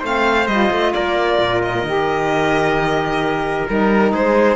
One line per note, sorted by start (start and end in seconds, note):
0.00 0.47 A3
0.00 0.49 C4
0.00 0.91 C5
0.00 0.47 F5
0.47 0.70 G3
0.47 1.86 F4
0.47 0.93 D#5
0.71 0.93 A3
0.94 1.39 A#3
0.94 4.12 A#4
0.94 1.62 D5
1.39 1.83 A#2
1.62 3.67 D#5
1.83 3.65 D#3
1.83 3.68 G4
3.68 4.12 G3
3.68 4.56 D#4
3.68 4.13 A#4
4.12 4.56 G#3
4.12 4.56 G#4
4.12 4.56 C5